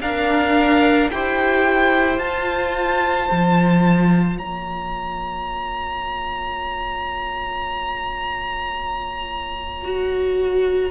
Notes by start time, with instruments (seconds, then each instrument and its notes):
0.00 cello D4, viola D4, violin A#4 F5
1.10 cello E4, viola G4, violin C5 G5
2.18 cello F4, viola F4, violin A5
3.31 cello F3
4.38 cello A#3, violin C#5 A#5
9.84 viola F#4